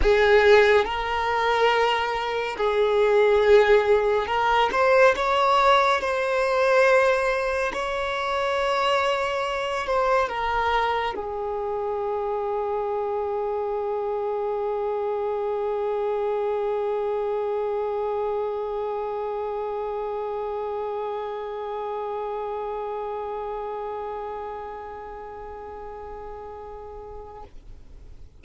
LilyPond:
\new Staff \with { instrumentName = "violin" } { \time 4/4 \tempo 4 = 70 gis'4 ais'2 gis'4~ | gis'4 ais'8 c''8 cis''4 c''4~ | c''4 cis''2~ cis''8 c''8 | ais'4 gis'2.~ |
gis'1~ | gis'1~ | gis'1~ | gis'1 | }